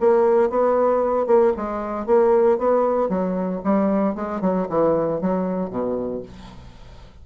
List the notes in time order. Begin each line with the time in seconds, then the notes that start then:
0.00 A#3
0.49 B3
1.26 A#3
1.56 G#3
2.06 A#3
2.58 B3
3.09 F#3
3.63 G3
4.15 G#3
4.41 F#3
4.69 E3
5.21 F#3
5.70 B2